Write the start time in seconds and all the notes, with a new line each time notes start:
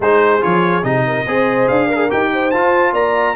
0.00 G#3 D#4 G#4 C5
0.40 F3 F4 C#5
0.83 C3 D#4 D#5
1.06 A#4
1.27 C4 G#4 C5
1.67 D4 F5
1.87 A#4
1.96 G#4
2.09 D#4 G4 G5
2.33 C5
2.50 F4 A5
2.92 A#3 D5 A#5